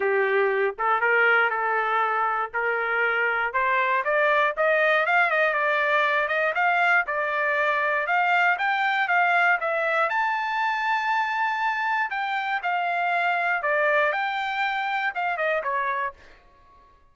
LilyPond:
\new Staff \with { instrumentName = "trumpet" } { \time 4/4 \tempo 4 = 119 g'4. a'8 ais'4 a'4~ | a'4 ais'2 c''4 | d''4 dis''4 f''8 dis''8 d''4~ | d''8 dis''8 f''4 d''2 |
f''4 g''4 f''4 e''4 | a''1 | g''4 f''2 d''4 | g''2 f''8 dis''8 cis''4 | }